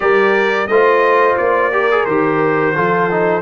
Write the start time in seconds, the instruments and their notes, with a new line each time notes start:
0.00 tuba G3, trombone G4, horn A#4, trumpet D5
0.67 tuba A3, trombone F4, horn C5, trumpet D#5
1.37 tuba A#3, trumpet D5
1.72 trombone G4, horn A#4
1.91 trombone G#4
2.05 tuba D#3, trombone G4, trumpet C5
2.75 tuba F3, trombone F4, horn A4
3.11 trombone D#4